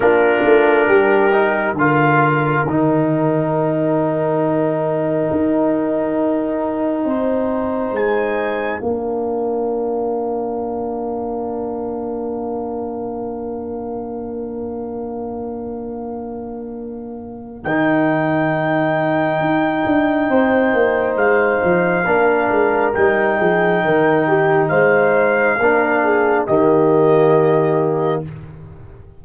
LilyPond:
<<
  \new Staff \with { instrumentName = "trumpet" } { \time 4/4 \tempo 4 = 68 ais'2 f''4 g''4~ | g''1~ | g''4 gis''4 f''2~ | f''1~ |
f''1 | g''1 | f''2 g''2 | f''2 dis''2 | }
  \new Staff \with { instrumentName = "horn" } { \time 4/4 f'4 g'4 ais'2~ | ais'1 | c''2 ais'2~ | ais'1~ |
ais'1~ | ais'2. c''4~ | c''4 ais'4. gis'8 ais'8 g'8 | c''4 ais'8 gis'8 g'2 | }
  \new Staff \with { instrumentName = "trombone" } { \time 4/4 d'4. dis'8 f'4 dis'4~ | dis'1~ | dis'2 d'2~ | d'1~ |
d'1 | dis'1~ | dis'4 d'4 dis'2~ | dis'4 d'4 ais2 | }
  \new Staff \with { instrumentName = "tuba" } { \time 4/4 ais8 a8 g4 d4 dis4~ | dis2 dis'2 | c'4 gis4 ais2~ | ais1~ |
ais1 | dis2 dis'8 d'8 c'8 ais8 | gis8 f8 ais8 gis8 g8 f8 dis4 | gis4 ais4 dis2 | }
>>